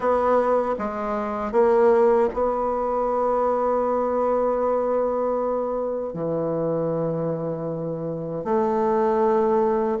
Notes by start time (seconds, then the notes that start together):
0.00 B3
0.78 G#3
1.51 A#3
2.33 B3
6.13 E3
8.44 A3